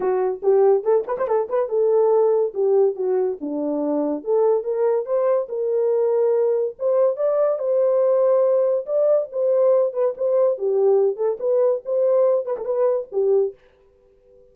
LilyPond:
\new Staff \with { instrumentName = "horn" } { \time 4/4 \tempo 4 = 142 fis'4 g'4 a'8 b'16 c''16 a'8 b'8 | a'2 g'4 fis'4 | d'2 a'4 ais'4 | c''4 ais'2. |
c''4 d''4 c''2~ | c''4 d''4 c''4. b'8 | c''4 g'4. a'8 b'4 | c''4. b'16 a'16 b'4 g'4 | }